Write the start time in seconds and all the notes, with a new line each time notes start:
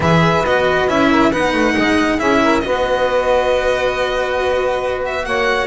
0.00 E3 G#4 B4 E5
0.45 B3 F#4 D#5
0.88 C#4 E4 E5
1.10 A#4
1.30 B3 D#4 B4 F#5
1.53 A3
1.76 G#3 D#5
2.18 C#4 E4 G#4 E5
2.43 A#4
2.60 B3 F#4 B4 D#5
5.05 E5
5.25 A#3 C#5 F#5